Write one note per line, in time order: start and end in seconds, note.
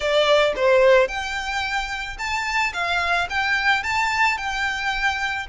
0.00 0.53 D5
0.56 1.08 C5
1.08 2.17 G5
2.18 2.72 A5
2.73 3.27 F5
3.29 3.83 G5
3.83 4.37 A5
4.37 5.46 G5